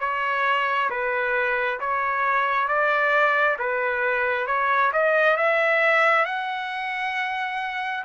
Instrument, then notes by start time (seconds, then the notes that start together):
trumpet
0.00 C#5
0.90 B4
1.80 C#5
2.68 D5
3.59 B4
4.47 C#5
4.93 D#5
5.37 E5
6.25 F#5